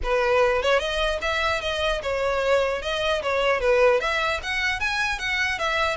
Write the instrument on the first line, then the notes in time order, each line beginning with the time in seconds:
violin
0.03 B4
0.62 C#5
0.79 D#5
1.21 E5
1.61 D#5
2.02 C#5
2.81 D#5
3.22 C#5
3.60 B4
4.00 E5
4.42 F#5
4.79 G#5
5.18 F#5
5.58 E5